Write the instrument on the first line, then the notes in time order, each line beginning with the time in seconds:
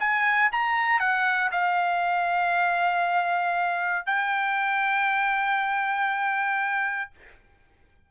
trumpet
0.00 G#5
0.52 A#5
1.00 F#5
1.52 F5
4.06 G5